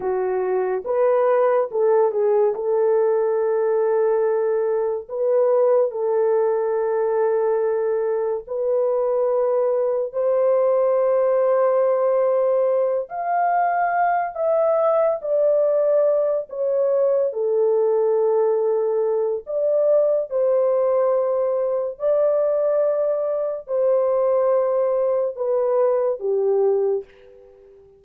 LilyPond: \new Staff \with { instrumentName = "horn" } { \time 4/4 \tempo 4 = 71 fis'4 b'4 a'8 gis'8 a'4~ | a'2 b'4 a'4~ | a'2 b'2 | c''2.~ c''8 f''8~ |
f''4 e''4 d''4. cis''8~ | cis''8 a'2~ a'8 d''4 | c''2 d''2 | c''2 b'4 g'4 | }